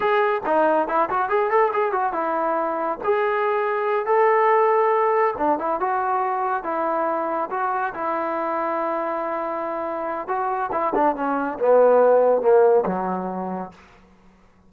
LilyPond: \new Staff \with { instrumentName = "trombone" } { \time 4/4 \tempo 4 = 140 gis'4 dis'4 e'8 fis'8 gis'8 a'8 | gis'8 fis'8 e'2 gis'4~ | gis'4. a'2~ a'8~ | a'8 d'8 e'8 fis'2 e'8~ |
e'4. fis'4 e'4.~ | e'1 | fis'4 e'8 d'8 cis'4 b4~ | b4 ais4 fis2 | }